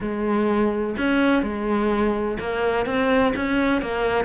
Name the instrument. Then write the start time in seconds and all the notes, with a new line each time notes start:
cello
0.01 G#3
0.97 C#4
1.43 G#3
2.39 A#3
2.85 C4
3.35 C#4
3.81 A#3